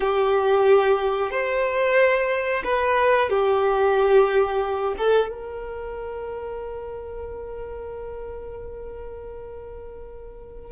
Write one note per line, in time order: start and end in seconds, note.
0.00 1.30 G4
1.30 2.62 C5
2.64 3.29 B4
3.29 4.94 G4
4.98 5.29 A4
5.29 10.71 A#4